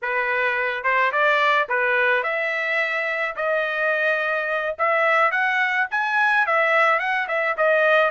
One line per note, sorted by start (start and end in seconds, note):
0.02 0.83 B4
0.83 1.11 C5
1.11 1.67 D5
1.68 2.23 B4
2.23 3.35 E5
3.35 4.76 D#5
4.78 5.31 E5
5.31 5.87 F#5
5.90 6.46 G#5
6.46 6.99 E5
6.99 7.27 F#5
7.28 7.56 E5
7.57 8.10 D#5